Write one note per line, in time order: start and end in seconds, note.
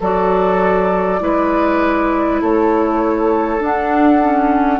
0.00 1.21 F#3
0.00 1.20 F#4
0.00 1.20 A4
0.00 2.42 D5
1.20 2.42 G#3
1.20 3.60 E4
1.20 2.42 B4
2.42 3.60 A3
2.42 4.80 A4
2.42 3.62 C#5
3.60 4.20 D4
3.60 4.80 D4
3.60 4.80 F#5
4.22 4.80 C#4